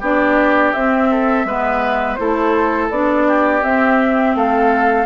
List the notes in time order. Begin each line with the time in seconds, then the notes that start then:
0.00 B3 D4 G4 D5
0.72 C4 E5
1.10 A4
1.45 G#3 B3 B4
2.15 A3 E4 A4 C5
2.90 B3 D4 D5
3.27 G4
3.62 C4 E5
4.35 A3 A4 F5